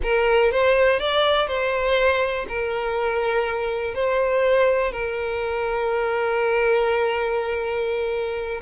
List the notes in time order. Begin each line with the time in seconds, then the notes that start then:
0.02 A#4
0.51 C5
0.99 D5
1.47 C5
2.48 A#4
3.94 C5
4.92 A#4